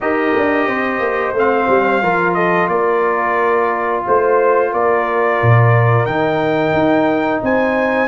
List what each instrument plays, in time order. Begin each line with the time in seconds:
0.00 tuba D#4, trombone G4, horn A#4, trumpet D#5
0.36 tuba D4
0.66 tuba C4, horn C5
0.99 tuba A#3
1.32 tuba A3, trombone C4, trumpet F5
1.68 tuba G3
2.02 tuba F3, trombone F4, horn A#4
2.34 horn A4, trumpet D#5
2.68 tuba A#3, horn A#4, trumpet D5
4.05 tuba A3, horn C5, trumpet C5
4.72 tuba A#3, horn A#4, trumpet D5
5.41 tuba A#2
6.05 tuba D#3, trombone D#4, trumpet G5
6.73 tuba D#4
7.42 tuba C4, horn C5, trumpet G#5